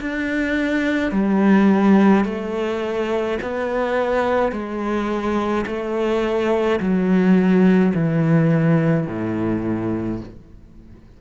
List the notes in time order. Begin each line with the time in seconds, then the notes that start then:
0.00 D4
1.12 G3
2.25 A3
3.42 B3
4.52 G#3
5.66 A3
6.80 F#3
7.94 E3
9.07 A2